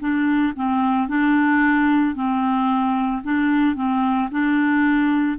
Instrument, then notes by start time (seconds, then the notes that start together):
clarinet
0.00 D4
0.56 C4
1.09 D4
2.15 C4
3.23 D4
3.75 C4
4.31 D4